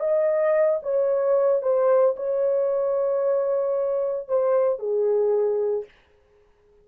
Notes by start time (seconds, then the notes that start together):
0.00 D#5
0.83 C#5
1.62 C5
2.16 C#5
4.29 C5
4.79 G#4